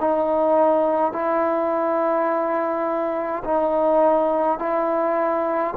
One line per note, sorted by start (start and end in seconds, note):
0.00 1.13 D#4
1.13 3.44 E4
3.45 4.59 D#4
4.59 5.74 E4